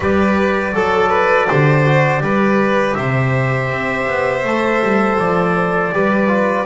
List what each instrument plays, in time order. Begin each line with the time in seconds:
0.00 double bass G3, trombone G4, violin B4, trumpet D5
0.74 double bass F#3, violin A4, trombone A4
1.09 violin B4
1.48 double bass D3, trombone G4, violin C5
1.85 trombone F#4
2.19 double bass G3, trombone G4, violin B4
2.94 double bass C3, violin C5, trumpet E5
3.69 double bass C4
4.07 double bass B3
4.44 double bass A3, trombone A4
4.82 double bass G3
5.19 double bass F3, trumpet D5
5.92 double bass G3, trombone G4, violin B4
6.27 trombone F4